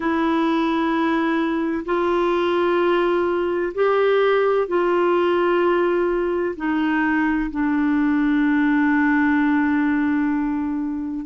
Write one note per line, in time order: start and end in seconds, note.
0.00 1.84 E4
1.85 3.72 F4
3.74 4.67 G4
4.67 6.55 F4
6.56 7.50 D#4
7.50 11.25 D4